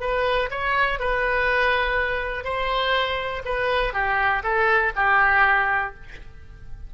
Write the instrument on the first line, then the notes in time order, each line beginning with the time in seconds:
oboe
0.00 B4
0.50 C#5
0.99 B4
2.44 C5
3.45 B4
3.93 G4
4.43 A4
4.96 G4